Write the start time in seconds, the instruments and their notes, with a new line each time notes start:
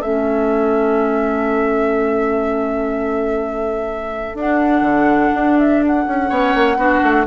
0.00 bassoon A3, clarinet C#4, oboe A4, flute E5
4.34 bassoon D4, clarinet D4, flute F#5
4.81 bassoon D3
5.33 bassoon D4
5.59 flute E5
5.86 flute F#5
6.07 bassoon C#4
6.28 bassoon B3, clarinet C#4, oboe C#5
6.55 bassoon A#3
6.77 bassoon B3, clarinet D4, oboe F#4
7.03 bassoon A3